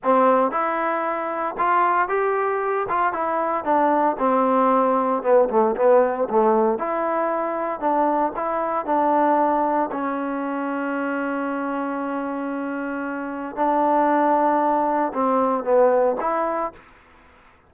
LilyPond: \new Staff \with { instrumentName = "trombone" } { \time 4/4 \tempo 4 = 115 c'4 e'2 f'4 | g'4. f'8 e'4 d'4 | c'2 b8 a8 b4 | a4 e'2 d'4 |
e'4 d'2 cis'4~ | cis'1~ | cis'2 d'2~ | d'4 c'4 b4 e'4 | }